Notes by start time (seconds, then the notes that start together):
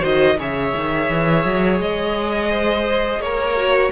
0.00 D#3 F#4 C5 D#5
0.39 C#3 G#4 C#5 E5
0.76 D#3
1.10 E3
1.45 F#3
1.80 G#3 D#5
2.51 C5
3.19 A#3 C#5
3.25 A#4
3.57 F#4